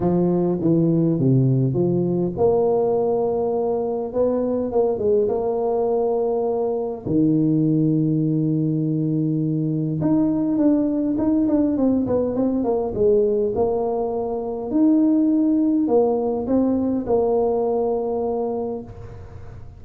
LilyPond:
\new Staff \with { instrumentName = "tuba" } { \time 4/4 \tempo 4 = 102 f4 e4 c4 f4 | ais2. b4 | ais8 gis8 ais2. | dis1~ |
dis4 dis'4 d'4 dis'8 d'8 | c'8 b8 c'8 ais8 gis4 ais4~ | ais4 dis'2 ais4 | c'4 ais2. | }